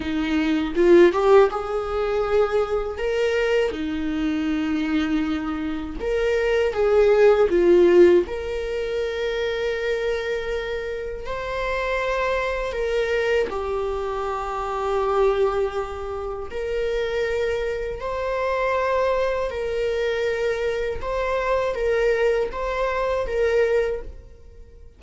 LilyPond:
\new Staff \with { instrumentName = "viola" } { \time 4/4 \tempo 4 = 80 dis'4 f'8 g'8 gis'2 | ais'4 dis'2. | ais'4 gis'4 f'4 ais'4~ | ais'2. c''4~ |
c''4 ais'4 g'2~ | g'2 ais'2 | c''2 ais'2 | c''4 ais'4 c''4 ais'4 | }